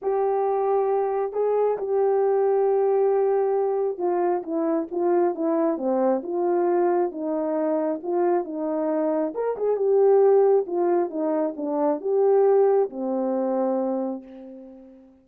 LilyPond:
\new Staff \with { instrumentName = "horn" } { \time 4/4 \tempo 4 = 135 g'2. gis'4 | g'1~ | g'4 f'4 e'4 f'4 | e'4 c'4 f'2 |
dis'2 f'4 dis'4~ | dis'4 ais'8 gis'8 g'2 | f'4 dis'4 d'4 g'4~ | g'4 c'2. | }